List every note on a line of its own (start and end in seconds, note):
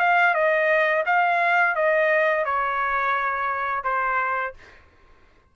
0.00 0.35 F5
0.35 1.04 D#5
1.07 1.76 F5
1.76 2.45 D#5
2.45 3.84 C#5
3.84 4.54 C5